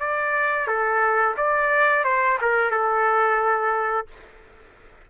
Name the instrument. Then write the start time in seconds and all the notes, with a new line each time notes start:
trumpet
0.00 D5
0.68 A4
1.37 D5
2.04 C5
2.41 A#4
2.71 A4